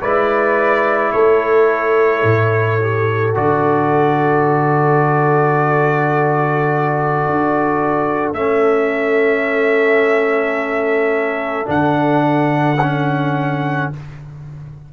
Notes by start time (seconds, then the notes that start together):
0.00 G#3 E4 B4 D5
1.12 A3 A4 C#5
2.23 A2
2.80 G4
3.34 D3 F#4 D5
7.25 D4
8.32 A3 C#4 E5
11.65 D3 D4 F#5
12.81 C#4